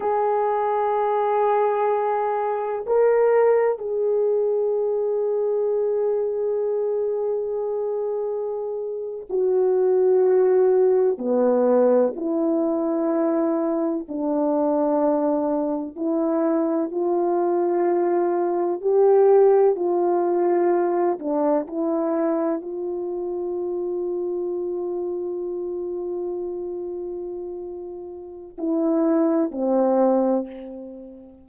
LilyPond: \new Staff \with { instrumentName = "horn" } { \time 4/4 \tempo 4 = 63 gis'2. ais'4 | gis'1~ | gis'4.~ gis'16 fis'2 b16~ | b8. e'2 d'4~ d'16~ |
d'8. e'4 f'2 g'16~ | g'8. f'4. d'8 e'4 f'16~ | f'1~ | f'2 e'4 c'4 | }